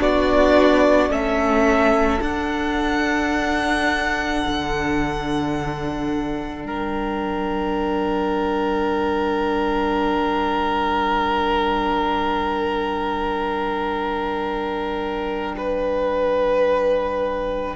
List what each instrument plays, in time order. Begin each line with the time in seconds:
0.00 cello B3, viola D4, violin F#4 D5
1.09 cello A3, viola C#4, violin A4 E5
2.21 cello D4, viola D4, violin F#5
4.47 cello D3
6.65 cello G3, violin A#4 G5
15.58 violin B4